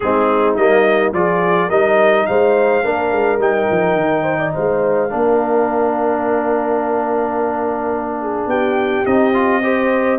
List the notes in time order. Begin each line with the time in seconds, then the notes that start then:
0.00 G#3 C4 D#4 G#4
0.56 G3 A#3 D#5
1.12 F3 F4 G#4 D5
1.68 G3 D#4 A#4 D#5
2.26 G#3 C5 F5
2.83 A#3 D4 A#4
3.12 G#3
3.38 G3 D#4 G5
3.70 F3
3.95 D#3
4.22 C5
4.39 D5
4.53 G#3 C5 F5
5.09 A#3 D4 A#4
8.21 G#4
8.46 B3 G4 G5
9.05 C4 D#4 D#5
9.33 F4
9.62 G4 C5